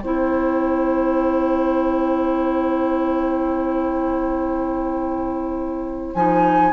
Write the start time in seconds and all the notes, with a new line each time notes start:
0.00 C4 E4 C5 G5
6.15 F3 D#4 G#5